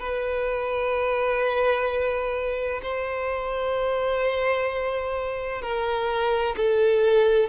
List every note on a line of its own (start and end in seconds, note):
0.00 2.81 B4
2.83 5.62 C5
5.62 6.56 A#4
6.57 7.49 A4